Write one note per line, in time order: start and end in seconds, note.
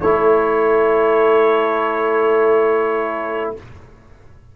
0.00 3.56 A3
0.00 3.56 E4
0.00 3.54 A4
0.00 3.53 C#5